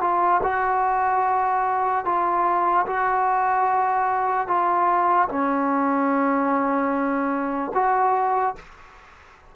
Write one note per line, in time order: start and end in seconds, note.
0.00 0.41 F4
0.43 2.05 F#4
2.05 2.86 F4
2.86 4.47 F#4
4.47 5.28 F4
5.28 7.71 C#4
7.74 8.55 F#4